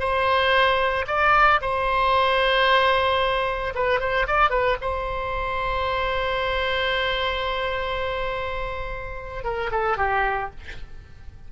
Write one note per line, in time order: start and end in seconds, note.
0.00 1.06 C5
1.08 1.61 D5
1.62 3.74 C5
3.75 4.00 B4
4.00 4.27 C5
4.27 4.50 D5
4.50 4.77 B4
4.82 9.44 C5
9.44 9.71 A#4
9.71 9.98 A4
9.98 10.51 G4